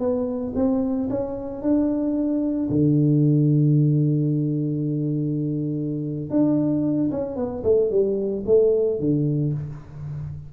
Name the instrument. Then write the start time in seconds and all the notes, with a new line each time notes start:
tuba
0.00 B3
0.56 C4
1.10 C#4
1.62 D4
2.70 D3
6.30 D4
7.12 C#4
7.36 B3
7.64 A3
7.91 G3
8.46 A3
9.00 D3